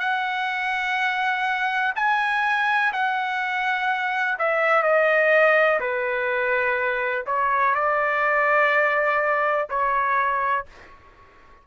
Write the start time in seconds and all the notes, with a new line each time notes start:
0.00 F#5
1.96 G#5
2.93 F#5
4.39 E5
4.83 D#5
5.80 B4
7.27 C#5
7.75 D5
9.70 C#5